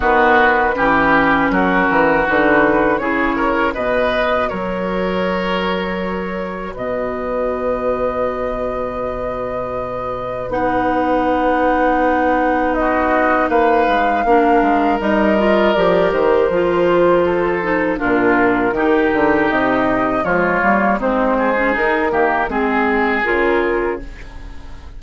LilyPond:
<<
  \new Staff \with { instrumentName = "flute" } { \time 4/4 \tempo 4 = 80 b'2 ais'4 b'4 | cis''4 dis''4 cis''2~ | cis''4 dis''2.~ | dis''2 fis''2~ |
fis''4 dis''4 f''2 | dis''4 d''8 c''2~ c''8 | ais'2 dis''4 cis''4 | c''4 ais'4 gis'4 ais'4 | }
  \new Staff \with { instrumentName = "oboe" } { \time 4/4 fis'4 g'4 fis'2 | gis'8 ais'8 b'4 ais'2~ | ais'4 b'2.~ | b'1~ |
b'4 fis'4 b'4 ais'4~ | ais'2. a'4 | f'4 g'2 f'4 | dis'8 gis'4 g'8 gis'2 | }
  \new Staff \with { instrumentName = "clarinet" } { \time 4/4 b4 cis'2 dis'4 | e'4 fis'2.~ | fis'1~ | fis'2 dis'2~ |
dis'2. d'4 | dis'8 f'8 g'4 f'4. dis'8 | d'4 dis'2 gis8 ais8 | c'8. cis'16 dis'8 ais8 c'4 f'4 | }
  \new Staff \with { instrumentName = "bassoon" } { \time 4/4 dis4 e4 fis8 e8 d4 | cis4 b,4 fis2~ | fis4 b,2.~ | b,2 b2~ |
b2 ais8 gis8 ais8 gis8 | g4 f8 dis8 f2 | ais,4 dis8 d8 c4 f8 g8 | gis4 dis'8 dis8 gis4 cis4 | }
>>